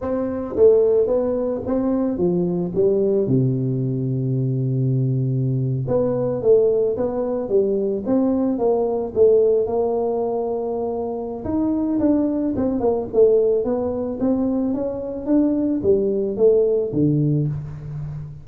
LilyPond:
\new Staff \with { instrumentName = "tuba" } { \time 4/4 \tempo 4 = 110 c'4 a4 b4 c'4 | f4 g4 c2~ | c2~ c8. b4 a16~ | a8. b4 g4 c'4 ais16~ |
ais8. a4 ais2~ ais16~ | ais4 dis'4 d'4 c'8 ais8 | a4 b4 c'4 cis'4 | d'4 g4 a4 d4 | }